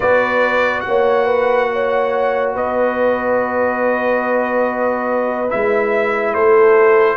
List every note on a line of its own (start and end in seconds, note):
0.00 0.85 B3
0.00 5.48 F#4
0.00 0.81 B4
0.00 0.80 D5
0.80 2.49 F#5
0.86 2.55 A#3
0.86 1.25 C#5
1.25 1.67 B4
1.72 2.54 C#5
2.54 5.51 B3
2.54 6.34 B4
2.54 5.50 D#5
5.49 6.33 G#3
5.49 7.17 E4
5.49 6.33 E5
6.33 7.17 A3
6.33 7.17 A4
6.33 7.17 C5